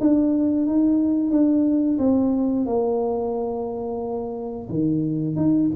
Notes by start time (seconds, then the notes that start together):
0.00 D4
0.67 D#4
1.31 D4
1.99 C4
2.66 A#3
4.69 D#3
5.36 D#4